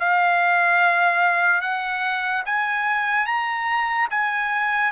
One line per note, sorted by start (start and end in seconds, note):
0.00 1.61 F5
1.61 2.44 F#5
2.46 3.26 G#5
3.26 4.08 A#5
4.11 4.92 G#5